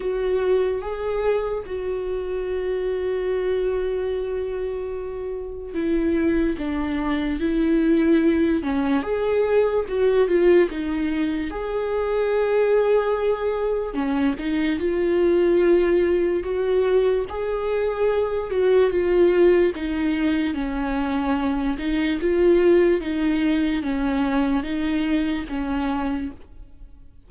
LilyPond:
\new Staff \with { instrumentName = "viola" } { \time 4/4 \tempo 4 = 73 fis'4 gis'4 fis'2~ | fis'2. e'4 | d'4 e'4. cis'8 gis'4 | fis'8 f'8 dis'4 gis'2~ |
gis'4 cis'8 dis'8 f'2 | fis'4 gis'4. fis'8 f'4 | dis'4 cis'4. dis'8 f'4 | dis'4 cis'4 dis'4 cis'4 | }